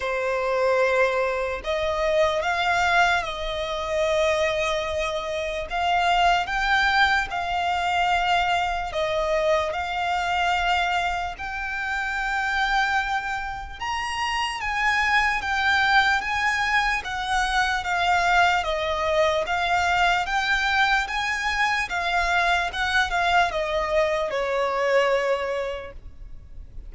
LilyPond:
\new Staff \with { instrumentName = "violin" } { \time 4/4 \tempo 4 = 74 c''2 dis''4 f''4 | dis''2. f''4 | g''4 f''2 dis''4 | f''2 g''2~ |
g''4 ais''4 gis''4 g''4 | gis''4 fis''4 f''4 dis''4 | f''4 g''4 gis''4 f''4 | fis''8 f''8 dis''4 cis''2 | }